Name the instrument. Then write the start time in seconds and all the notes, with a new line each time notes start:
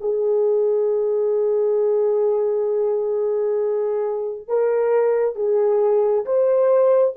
horn
0.00 G#4
4.48 A#4
5.35 G#4
6.25 C5